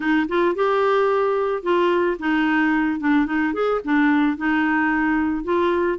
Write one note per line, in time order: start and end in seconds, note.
0.00 0.27 D#4
0.28 0.55 F4
0.55 1.62 G4
1.62 2.17 F4
2.19 3.00 D#4
3.00 3.26 D4
3.26 3.53 D#4
3.53 3.81 G#4
3.84 4.37 D4
4.37 5.43 D#4
5.43 5.98 F4